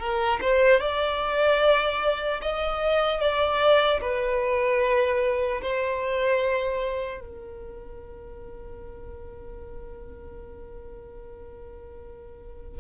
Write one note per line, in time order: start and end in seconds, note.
0.00 0.40 A#4
0.41 0.81 C5
0.81 2.41 D5
2.42 3.21 D#5
3.21 4.01 D5
4.01 5.61 B4
5.62 7.21 C5
7.21 12.80 A#4